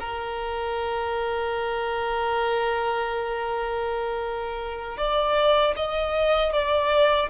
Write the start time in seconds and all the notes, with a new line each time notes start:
0.00 A#4
4.98 D5
5.76 D#5
6.53 D5